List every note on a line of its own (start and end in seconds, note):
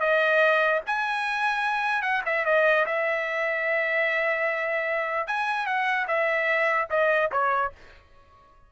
0.00 0.81 D#5
0.86 2.02 G#5
2.02 2.22 F#5
2.25 2.45 E5
2.45 2.86 D#5
2.86 5.27 E5
5.27 5.66 G#5
5.66 6.07 F#5
6.07 6.88 E5
6.90 7.30 D#5
7.32 7.72 C#5